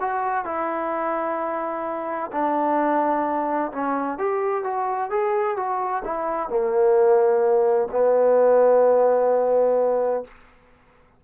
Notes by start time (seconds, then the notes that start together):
0.00 F#4
0.45 E4
2.32 D4
3.72 C#4
4.18 G4
4.64 F#4
5.10 G#4
5.56 F#4
6.04 E4
6.49 A#3
7.92 B3